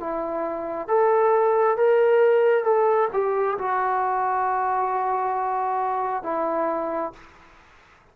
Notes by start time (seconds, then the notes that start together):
0.00 E4
0.88 A4
1.77 A#4
2.64 A4
3.13 G4
3.58 F#4
6.23 E4